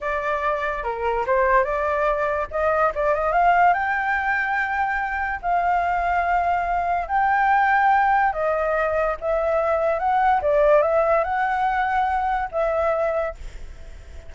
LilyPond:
\new Staff \with { instrumentName = "flute" } { \time 4/4 \tempo 4 = 144 d''2 ais'4 c''4 | d''2 dis''4 d''8 dis''8 | f''4 g''2.~ | g''4 f''2.~ |
f''4 g''2. | dis''2 e''2 | fis''4 d''4 e''4 fis''4~ | fis''2 e''2 | }